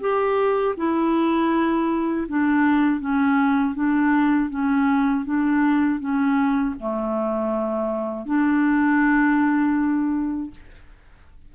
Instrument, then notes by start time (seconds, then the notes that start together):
clarinet
0.00 G4
0.77 E4
2.28 D4
3.00 C#4
3.75 D4
4.50 C#4
5.25 D4
6.00 C#4
6.80 A3
8.26 D4